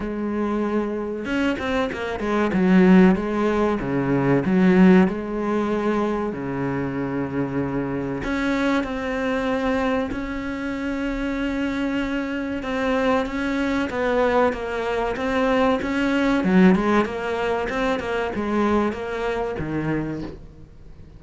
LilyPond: \new Staff \with { instrumentName = "cello" } { \time 4/4 \tempo 4 = 95 gis2 cis'8 c'8 ais8 gis8 | fis4 gis4 cis4 fis4 | gis2 cis2~ | cis4 cis'4 c'2 |
cis'1 | c'4 cis'4 b4 ais4 | c'4 cis'4 fis8 gis8 ais4 | c'8 ais8 gis4 ais4 dis4 | }